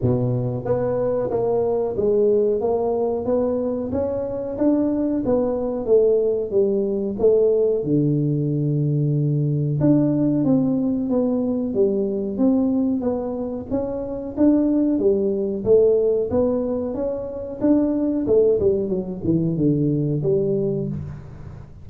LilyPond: \new Staff \with { instrumentName = "tuba" } { \time 4/4 \tempo 4 = 92 b,4 b4 ais4 gis4 | ais4 b4 cis'4 d'4 | b4 a4 g4 a4 | d2. d'4 |
c'4 b4 g4 c'4 | b4 cis'4 d'4 g4 | a4 b4 cis'4 d'4 | a8 g8 fis8 e8 d4 g4 | }